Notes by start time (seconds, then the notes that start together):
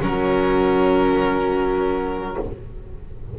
0.00 F#3 C#4 F#4 A#4